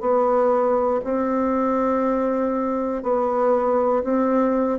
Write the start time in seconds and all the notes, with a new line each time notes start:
0.00 B3
1.04 C4
3.03 B3
4.03 C4